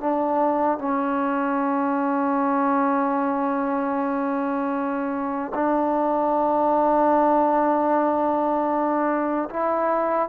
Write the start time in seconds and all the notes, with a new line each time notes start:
0.00 D4
0.79 C#4
5.54 D4
9.50 E4